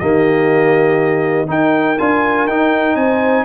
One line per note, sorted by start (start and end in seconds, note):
0.00 1.49 D#3
0.00 1.48 A#3
0.00 1.49 G4
0.00 1.49 D#5
1.48 1.97 D#4
1.48 1.99 D#4
1.48 2.98 A#4
1.48 1.99 G5
1.99 2.48 D4
1.99 2.49 F4
1.99 2.48 G#5
2.48 2.96 D#4
2.48 3.46 D#4
2.48 2.96 G5
2.96 3.45 C4
2.96 3.46 C5
2.96 3.46 G#5